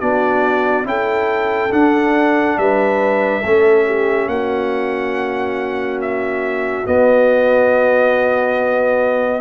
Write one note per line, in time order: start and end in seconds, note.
0.00 0.85 B3
0.00 0.85 D4
0.00 0.86 F#4
0.00 0.86 D5
0.85 1.71 C#4
0.85 1.70 E4
0.85 2.60 A4
0.85 1.72 G5
1.72 3.43 D4
1.72 2.58 D4
1.72 2.58 F#5
2.58 3.44 G3
2.58 3.42 B4
2.58 4.29 E5
3.42 4.27 A3
3.42 6.86 C#4
3.42 3.85 A4
3.87 4.30 G4
4.27 6.84 A#3
4.27 9.41 F#4
4.27 6.00 F#5
6.01 6.87 E5
6.86 9.41 B3
6.86 9.41 D#5